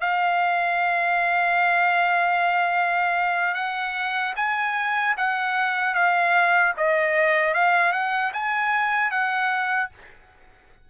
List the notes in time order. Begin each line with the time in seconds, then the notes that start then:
0.00 F5
3.55 F#5
4.36 G#5
5.17 F#5
5.94 F5
6.77 D#5
7.54 F5
7.92 F#5
8.33 G#5
9.11 F#5